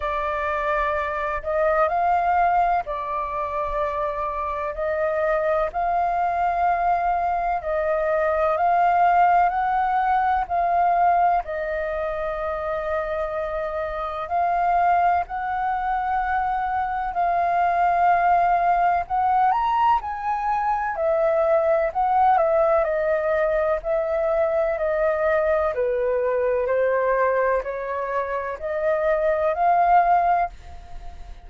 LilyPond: \new Staff \with { instrumentName = "flute" } { \time 4/4 \tempo 4 = 63 d''4. dis''8 f''4 d''4~ | d''4 dis''4 f''2 | dis''4 f''4 fis''4 f''4 | dis''2. f''4 |
fis''2 f''2 | fis''8 ais''8 gis''4 e''4 fis''8 e''8 | dis''4 e''4 dis''4 b'4 | c''4 cis''4 dis''4 f''4 | }